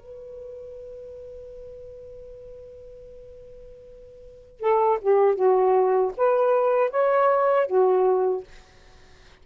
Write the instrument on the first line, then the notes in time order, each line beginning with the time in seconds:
saxophone
0.00 B4
4.60 A4
5.02 G4
5.35 F#4
6.17 B4
6.91 C#5
7.67 F#4